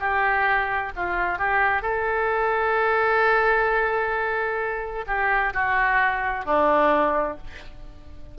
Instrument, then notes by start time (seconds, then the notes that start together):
oboe
0.00 G4
0.97 F4
1.38 G4
1.82 A4
5.07 G4
5.54 F#4
6.46 D4